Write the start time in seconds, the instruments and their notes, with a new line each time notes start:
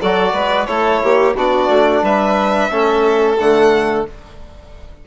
0.00 bassoon F#3, trombone F#4, violin A4 D5
0.33 bassoon G#3, violin B4
0.66 bassoon A3, trombone E4, violin A4 C#5
1.03 bassoon A#3, violin G4
1.35 bassoon B3, trombone D4, violin F#4 D5
1.68 bassoon A3
2.02 bassoon G3, violin B4 E5
2.70 bassoon A3, trombone C#4, violin A4
3.38 bassoon D3, trombone A3, violin F#5